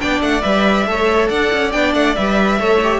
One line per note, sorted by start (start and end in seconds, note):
0.00 0.21 B3
0.00 0.42 D4
0.00 0.88 D5
0.00 0.22 G5
0.21 0.43 A3
0.21 0.42 F#5
0.42 0.86 G3
0.42 0.85 B4
0.42 1.28 E5
0.86 1.29 A3
0.86 1.73 A4
0.86 1.29 C#5
1.29 1.52 D4
1.29 2.59 D5
1.29 1.72 F#5
1.53 1.74 C#4
1.72 1.94 B3
1.72 2.16 D4
1.72 1.94 G5
1.94 2.16 A3
1.94 2.15 F#5
2.15 2.60 G3
2.15 2.59 B4
2.15 3.00 E5
2.59 3.00 A3
2.59 2.81 A4
2.59 3.00 C#5
2.83 3.00 G4